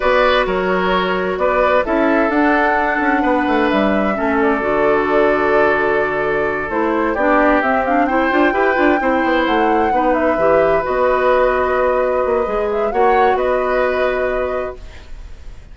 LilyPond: <<
  \new Staff \with { instrumentName = "flute" } { \time 4/4 \tempo 4 = 130 d''4 cis''2 d''4 | e''4 fis''2. | e''4. d''2~ d''8~ | d''2~ d''8 c''4 d''8~ |
d''8 e''8 f''8 g''2~ g''8~ | g''8 fis''4. e''4. dis''8~ | dis''2.~ dis''8 e''8 | fis''4 dis''2. | }
  \new Staff \with { instrumentName = "oboe" } { \time 4/4 b'4 ais'2 b'4 | a'2. b'4~ | b'4 a'2.~ | a'2.~ a'8 g'8~ |
g'4. c''4 b'4 c''8~ | c''4. b'2~ b'8~ | b'1 | cis''4 b'2. | }
  \new Staff \with { instrumentName = "clarinet" } { \time 4/4 fis'1 | e'4 d'2.~ | d'4 cis'4 fis'2~ | fis'2~ fis'8 e'4 d'8~ |
d'8 c'8 d'8 e'8 f'8 g'8 f'8 e'8~ | e'4. dis'4 g'4 fis'8~ | fis'2. gis'4 | fis'1 | }
  \new Staff \with { instrumentName = "bassoon" } { \time 4/4 b4 fis2 b4 | cis'4 d'4. cis'8 b8 a8 | g4 a4 d2~ | d2~ d8 a4 b8~ |
b8 c'4. d'8 e'8 d'8 c'8 | b8 a4 b4 e4 b8~ | b2~ b8 ais8 gis4 | ais4 b2. | }
>>